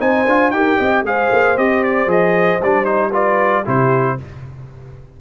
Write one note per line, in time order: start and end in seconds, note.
0.00 0.26 C4
0.00 0.26 D#4
0.00 0.53 C5
0.00 0.51 G#5
0.26 0.51 D4
0.26 0.54 F4
0.51 0.77 D#4
0.51 1.06 G4
0.51 0.78 A#4
0.51 1.03 G5
0.78 1.03 C4
0.78 1.04 D#5
1.03 1.29 G#3
1.03 1.57 G#4
1.03 3.13 C5
1.03 1.58 F5
1.32 1.58 A#3
1.57 2.07 C4
1.57 2.08 G4
1.57 1.84 D#5
1.84 2.10 D5
2.07 2.59 F3
2.07 2.60 G#4
2.07 2.63 D#5
2.62 3.67 G3
2.62 2.85 D4
2.62 2.85 D5
2.85 3.11 D#4
2.85 3.11 C5
3.13 3.65 F4
3.13 3.63 B4
3.13 3.67 D5
3.63 4.19 C3
3.63 4.18 E4
3.63 4.16 G4
3.63 4.21 C5